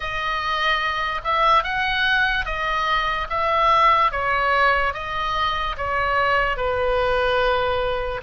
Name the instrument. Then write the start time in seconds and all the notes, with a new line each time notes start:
oboe
0.00 D#5
1.23 E5
1.63 F#5
2.45 D#5
3.29 E5
4.11 C#5
4.93 D#5
5.77 C#5
6.56 B4